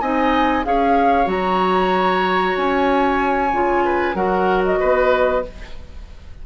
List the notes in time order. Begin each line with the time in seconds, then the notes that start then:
0.00 C4 D#4 D#5 G#5
0.63 C#4 G#4 C#5 F5
1.24 F#3 F#4 A#5
2.56 C#4 G#5
3.52 C#3 F4
3.84 B4
4.14 F#3 F#4 A#4 F#5
4.65 D#5
4.80 B3 B4